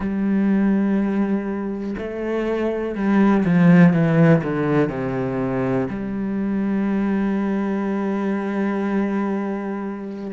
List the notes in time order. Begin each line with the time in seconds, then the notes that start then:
0.00 G3
1.98 A3
2.95 G3
3.45 F3
3.93 E3
4.43 D3
4.89 C3
5.89 G3